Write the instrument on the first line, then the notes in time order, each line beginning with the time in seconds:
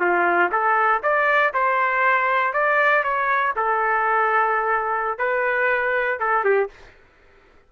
trumpet
0.00 F4
0.52 A4
1.03 D5
1.54 C5
2.53 D5
3.03 C#5
3.56 A4
5.19 B4
6.20 A4
6.44 G4